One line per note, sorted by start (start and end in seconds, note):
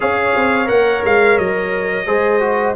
0.00 0.35 C#4
0.00 0.65 G#4
0.00 2.06 C#5
0.00 0.68 F5
0.35 0.69 C4
0.65 1.04 A#3
0.65 2.03 A#4
0.65 1.03 F#5
1.04 1.38 G#3
1.04 1.37 F5
1.37 2.06 F#3
1.37 2.75 D#5
2.06 2.75 G#3
2.06 2.40 G#4
2.06 2.75 C5
2.40 2.74 F#4